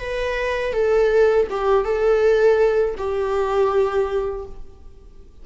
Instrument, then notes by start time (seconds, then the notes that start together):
viola
0.00 B4
0.73 A4
1.51 G4
1.85 A4
2.98 G4